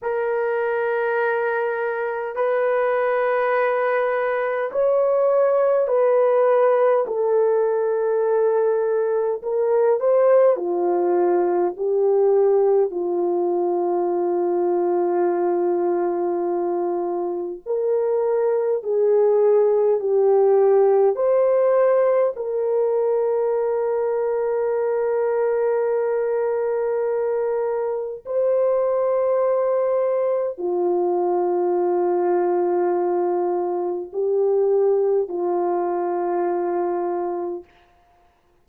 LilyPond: \new Staff \with { instrumentName = "horn" } { \time 4/4 \tempo 4 = 51 ais'2 b'2 | cis''4 b'4 a'2 | ais'8 c''8 f'4 g'4 f'4~ | f'2. ais'4 |
gis'4 g'4 c''4 ais'4~ | ais'1 | c''2 f'2~ | f'4 g'4 f'2 | }